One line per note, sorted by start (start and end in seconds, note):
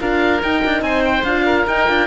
0.00 0.42 D4
0.00 0.41 F4
0.00 0.84 A#4
0.00 0.42 F5
0.42 1.25 D#4
0.42 0.64 D#4
0.42 0.83 G5
0.65 0.82 D4
0.82 1.23 C4
0.82 1.46 C5
0.82 1.03 G#5
1.05 1.24 G5
1.24 1.65 D4
1.24 1.68 F4
1.24 1.66 F5
1.46 2.07 A#4
1.67 1.88 D#4
1.67 2.07 G5
1.88 2.07 D4
1.88 2.07 F4